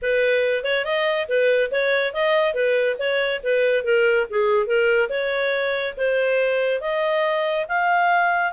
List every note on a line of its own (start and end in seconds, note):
0.02 0.64 B4
0.64 0.84 C#5
0.84 1.27 D#5
1.28 1.70 B4
1.71 2.13 C#5
2.13 2.53 D#5
2.53 2.96 B4
2.98 3.41 C#5
3.43 3.84 B4
3.84 4.26 A#4
4.29 4.66 G#4
4.66 5.09 A#4
5.09 5.94 C#5
5.97 6.80 C5
6.80 7.66 D#5
7.68 8.52 F5